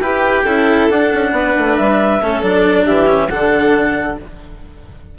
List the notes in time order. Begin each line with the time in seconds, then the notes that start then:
0.00 E4 G4 B4 G5
0.43 C#4 E4 A4
0.90 D4 F#5
1.14 C#4
1.31 B3 B4
1.58 A3
1.76 G3 E5
2.21 A3 C#4 A4
2.42 F#3 D4 D5
2.85 E3 G4 E5
3.07 C#4
3.29 D3 D4 A4 F#5